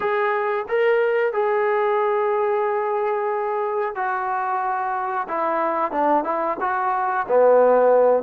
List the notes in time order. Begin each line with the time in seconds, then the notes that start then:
0.00 G#4
0.68 A#4
1.32 G#4
3.95 F#4
5.28 E4
5.91 D4
6.24 E4
6.60 F#4
7.28 B3